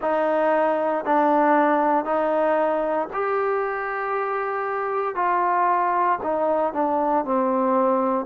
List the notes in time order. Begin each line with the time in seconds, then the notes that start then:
0.01 D#4
1.04 D4
2.05 D#4
3.13 G4
5.15 F4
6.23 D#4
6.73 D4
7.24 C4